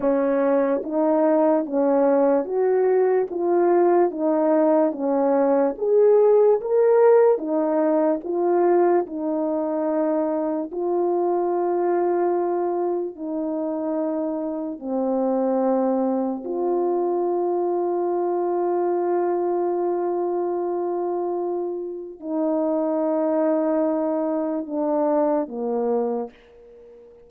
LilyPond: \new Staff \with { instrumentName = "horn" } { \time 4/4 \tempo 4 = 73 cis'4 dis'4 cis'4 fis'4 | f'4 dis'4 cis'4 gis'4 | ais'4 dis'4 f'4 dis'4~ | dis'4 f'2. |
dis'2 c'2 | f'1~ | f'2. dis'4~ | dis'2 d'4 ais4 | }